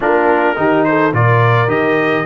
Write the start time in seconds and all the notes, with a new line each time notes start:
0.00 A#3 D4 F4 A#4
0.56 D#3 D#4 G4
0.84 A4 C5
1.12 A#2 F4 A#4 D5
1.67 D#3 G4 D#5